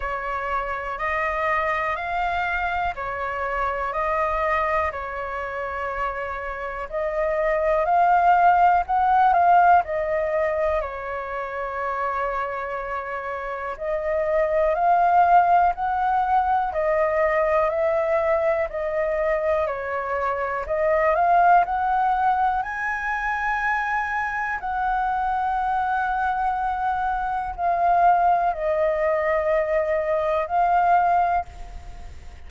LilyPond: \new Staff \with { instrumentName = "flute" } { \time 4/4 \tempo 4 = 61 cis''4 dis''4 f''4 cis''4 | dis''4 cis''2 dis''4 | f''4 fis''8 f''8 dis''4 cis''4~ | cis''2 dis''4 f''4 |
fis''4 dis''4 e''4 dis''4 | cis''4 dis''8 f''8 fis''4 gis''4~ | gis''4 fis''2. | f''4 dis''2 f''4 | }